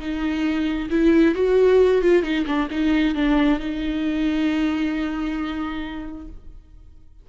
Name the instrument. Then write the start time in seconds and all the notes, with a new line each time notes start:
viola
0.00 D#4
0.90 E4
1.35 F#4
2.02 F4
2.23 D#4
2.46 D4
2.71 D#4
3.15 D4
3.59 D#4